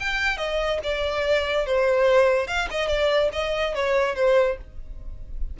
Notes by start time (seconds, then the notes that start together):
0.00 G5
0.38 D#5
0.84 D5
1.66 C5
2.47 F5
2.71 D#5
2.88 D5
3.33 D#5
3.75 C#5
4.16 C5